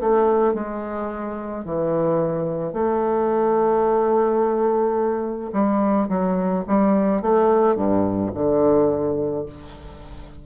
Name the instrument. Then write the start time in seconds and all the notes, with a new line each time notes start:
bassoon
0.00 A3
0.54 G#3
1.65 E3
2.73 A3
5.53 G3
6.09 F#3
6.67 G3
7.22 A3
7.75 G2
8.34 D3